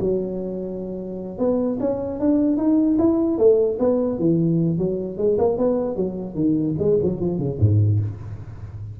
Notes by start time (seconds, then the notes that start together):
0.00 F#3
1.38 B3
1.80 C#4
2.19 D4
2.57 D#4
2.98 E4
3.38 A3
3.79 B3
4.19 E3
4.78 F#3
5.17 G#3
5.38 A#3
5.57 B3
5.96 F#3
6.35 D#3
6.79 G#3
7.03 F#3
7.20 F3
7.38 C#3
7.60 G#2